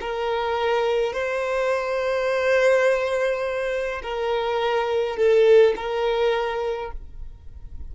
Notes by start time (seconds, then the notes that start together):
0.00 A#4
1.12 C5
4.02 A#4
5.16 A4
5.76 A#4